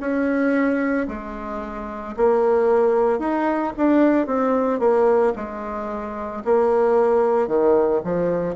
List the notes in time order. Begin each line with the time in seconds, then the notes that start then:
0.00 C#4
1.08 G#3
2.17 A#3
3.19 D#4
3.77 D4
4.27 C4
4.79 A#3
5.36 G#3
6.44 A#3
7.47 D#3
8.04 F3